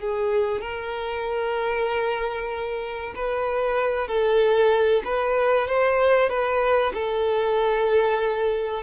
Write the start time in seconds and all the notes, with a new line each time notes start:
0.00 G#4
0.62 A#4
3.16 B4
4.08 A4
5.05 B4
5.68 C5
6.30 B4
6.94 A4